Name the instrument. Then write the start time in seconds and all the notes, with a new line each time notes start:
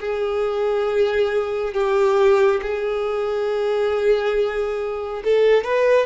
violin
0.00 G#4
1.74 G4
2.62 G#4
5.24 A4
5.64 B4